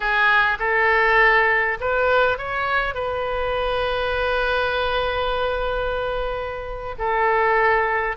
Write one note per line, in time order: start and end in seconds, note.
0.00 0.58 G#4
0.59 1.78 A4
1.80 2.38 B4
2.38 2.94 C#5
2.94 6.95 B4
6.98 8.16 A4